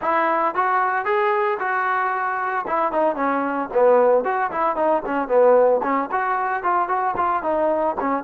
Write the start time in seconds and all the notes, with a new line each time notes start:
0.01 E4
0.54 F#4
1.05 G#4
1.59 F#4
2.67 E4
2.92 D#4
3.15 C#4
3.73 B3
4.24 F#4
4.51 E4
4.75 D#4
5.05 C#4
5.27 B3
5.83 C#4
6.11 F#4
6.63 F4
6.88 F#4
7.16 F4
7.42 D#4
7.99 C#4